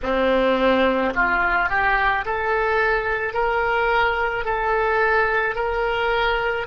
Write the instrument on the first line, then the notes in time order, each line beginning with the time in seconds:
oboe
0.03 C4
1.15 F4
1.69 G4
2.25 A4
3.33 A#4
4.44 A4
5.55 A#4